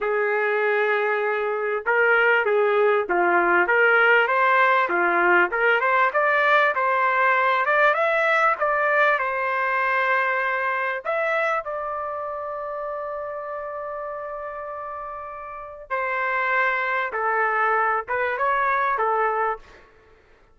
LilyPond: \new Staff \with { instrumentName = "trumpet" } { \time 4/4 \tempo 4 = 98 gis'2. ais'4 | gis'4 f'4 ais'4 c''4 | f'4 ais'8 c''8 d''4 c''4~ | c''8 d''8 e''4 d''4 c''4~ |
c''2 e''4 d''4~ | d''1~ | d''2 c''2 | a'4. b'8 cis''4 a'4 | }